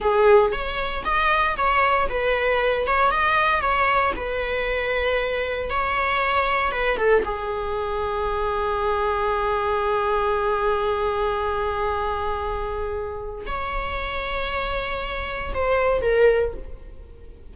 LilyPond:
\new Staff \with { instrumentName = "viola" } { \time 4/4 \tempo 4 = 116 gis'4 cis''4 dis''4 cis''4 | b'4. cis''8 dis''4 cis''4 | b'2. cis''4~ | cis''4 b'8 a'8 gis'2~ |
gis'1~ | gis'1~ | gis'2 cis''2~ | cis''2 c''4 ais'4 | }